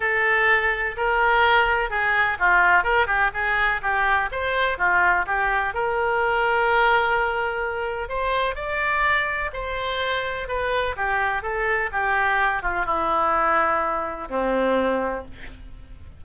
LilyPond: \new Staff \with { instrumentName = "oboe" } { \time 4/4 \tempo 4 = 126 a'2 ais'2 | gis'4 f'4 ais'8 g'8 gis'4 | g'4 c''4 f'4 g'4 | ais'1~ |
ais'4 c''4 d''2 | c''2 b'4 g'4 | a'4 g'4. f'8 e'4~ | e'2 c'2 | }